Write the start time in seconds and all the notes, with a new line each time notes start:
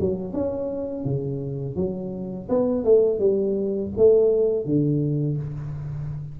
0.00 F#3
0.33 C#4
1.05 C#3
1.76 F#3
2.49 B3
2.84 A3
3.19 G3
3.97 A3
4.65 D3